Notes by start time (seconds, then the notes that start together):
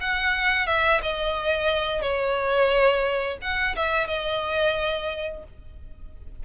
0.00 F#5
0.66 E5
1.02 D#5
2.01 C#5
3.41 F#5
3.76 E5
4.07 D#5